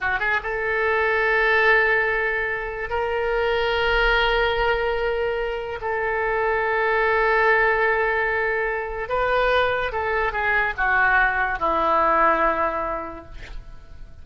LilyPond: \new Staff \with { instrumentName = "oboe" } { \time 4/4 \tempo 4 = 145 fis'8 gis'8 a'2.~ | a'2. ais'4~ | ais'1~ | ais'2 a'2~ |
a'1~ | a'2 b'2 | a'4 gis'4 fis'2 | e'1 | }